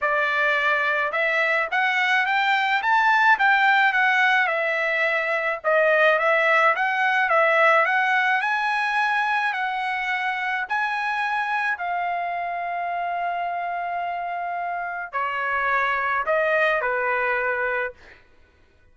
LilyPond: \new Staff \with { instrumentName = "trumpet" } { \time 4/4 \tempo 4 = 107 d''2 e''4 fis''4 | g''4 a''4 g''4 fis''4 | e''2 dis''4 e''4 | fis''4 e''4 fis''4 gis''4~ |
gis''4 fis''2 gis''4~ | gis''4 f''2.~ | f''2. cis''4~ | cis''4 dis''4 b'2 | }